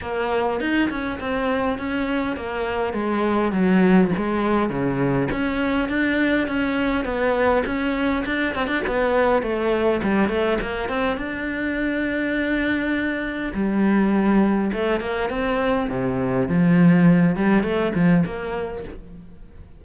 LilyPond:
\new Staff \with { instrumentName = "cello" } { \time 4/4 \tempo 4 = 102 ais4 dis'8 cis'8 c'4 cis'4 | ais4 gis4 fis4 gis4 | cis4 cis'4 d'4 cis'4 | b4 cis'4 d'8 c'16 d'16 b4 |
a4 g8 a8 ais8 c'8 d'4~ | d'2. g4~ | g4 a8 ais8 c'4 c4 | f4. g8 a8 f8 ais4 | }